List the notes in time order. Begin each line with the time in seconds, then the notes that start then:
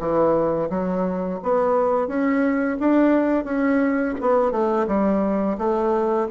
0.00 E3
0.70 F#3
1.43 B3
2.08 C#4
2.80 D4
3.45 C#4
4.21 B3
4.52 A3
4.88 G3
5.58 A3